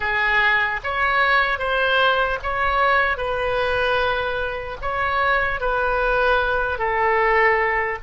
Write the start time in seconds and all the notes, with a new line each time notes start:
0.00 G#4
0.83 C#5
1.59 C5
2.43 C#5
3.17 B4
4.81 C#5
5.60 B4
6.78 A4